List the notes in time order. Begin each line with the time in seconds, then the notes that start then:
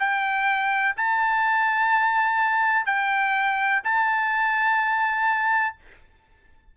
0.00 G5
0.97 A5
2.86 G5
3.84 A5